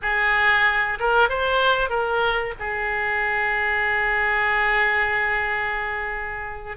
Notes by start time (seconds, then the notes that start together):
0.02 G#4
0.99 A#4
1.29 C5
1.89 A#4
2.59 G#4